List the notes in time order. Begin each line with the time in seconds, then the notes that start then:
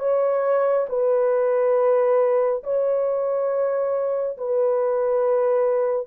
0.00 C#5
0.89 B4
2.64 C#5
4.38 B4